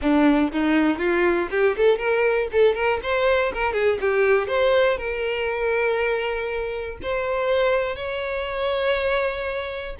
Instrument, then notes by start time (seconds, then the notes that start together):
violin
0.01 D4
0.52 D#4
0.98 F4
1.50 G4
1.76 A4
1.97 A#4
2.52 A4
2.75 A#4
3.02 C5
3.53 A#4
3.73 G#4
4.00 G4
4.47 C5
4.97 A#4
7.02 C5
7.96 C#5